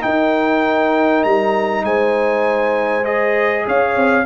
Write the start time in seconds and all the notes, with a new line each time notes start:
0.00 D#4 A#4 G5
1.24 G3 A#5
1.84 G#3 C5 G#5
3.04 G#4 D#5
3.67 C#4 C#5 F5
3.96 C4